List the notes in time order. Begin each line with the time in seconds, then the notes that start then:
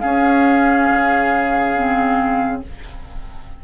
0.00 C#4 G#4 F5
0.90 C#3
1.76 C4